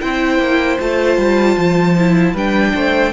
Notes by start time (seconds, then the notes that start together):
0.00 C4 E4 C5 G5
0.38 A#3
0.79 A3 F4 A5
1.17 G3
1.57 F3
1.97 E4
2.33 G3 D4 B4 G5
2.74 A3 C5